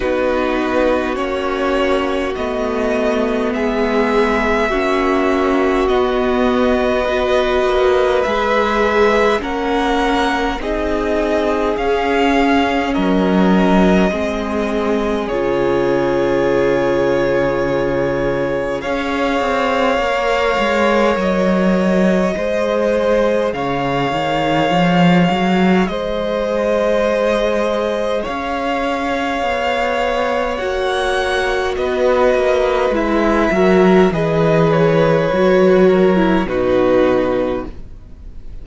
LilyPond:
<<
  \new Staff \with { instrumentName = "violin" } { \time 4/4 \tempo 4 = 51 b'4 cis''4 dis''4 e''4~ | e''4 dis''2 e''4 | fis''4 dis''4 f''4 dis''4~ | dis''4 cis''2. |
f''2 dis''2 | f''2 dis''2 | f''2 fis''4 dis''4 | e''4 dis''8 cis''4. b'4 | }
  \new Staff \with { instrumentName = "violin" } { \time 4/4 fis'2. gis'4 | fis'2 b'2 | ais'4 gis'2 ais'4 | gis'1 |
cis''2. c''4 | cis''2 c''2 | cis''2. b'4~ | b'8 ais'8 b'4. ais'8 fis'4 | }
  \new Staff \with { instrumentName = "viola" } { \time 4/4 dis'4 cis'4 b2 | cis'4 b4 fis'4 gis'4 | cis'4 dis'4 cis'2 | c'4 f'2. |
gis'4 ais'2 gis'4~ | gis'1~ | gis'2 fis'2 | e'8 fis'8 gis'4 fis'8. e'16 dis'4 | }
  \new Staff \with { instrumentName = "cello" } { \time 4/4 b4 ais4 a4 gis4 | ais4 b4. ais8 gis4 | ais4 c'4 cis'4 fis4 | gis4 cis2. |
cis'8 c'8 ais8 gis8 fis4 gis4 | cis8 dis8 f8 fis8 gis2 | cis'4 b4 ais4 b8 ais8 | gis8 fis8 e4 fis4 b,4 | }
>>